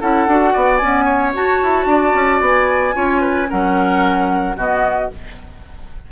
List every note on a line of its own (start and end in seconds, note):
0.00 0.27 C#4
0.00 0.28 E4
0.00 0.53 A4
0.00 0.77 F#5
0.27 0.53 D4
0.27 0.81 F#4
0.53 0.81 B3
0.53 1.04 D5
0.77 1.33 B3
0.77 1.34 C#4
0.77 1.30 G#5
1.04 1.85 C#5
1.33 2.93 F#4
1.33 1.62 F#4
1.33 2.42 A5
1.62 1.85 E4
1.85 2.12 D4
1.85 2.95 D5
2.14 2.40 C#4
2.40 2.94 B3
2.40 3.50 G#5
2.93 3.49 C#4
2.93 3.47 F4
2.93 3.21 C#5
3.21 3.47 B4
3.49 4.55 F#3
3.49 4.56 C#4
3.49 4.56 A#4
3.49 4.57 F#5
4.55 5.09 B2
4.55 5.10 B3
4.55 5.10 F#4
4.55 5.11 D#5